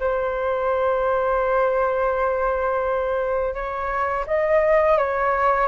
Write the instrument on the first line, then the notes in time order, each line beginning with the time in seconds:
flute
0.00 C5
3.54 C#5
4.26 D#5
4.98 C#5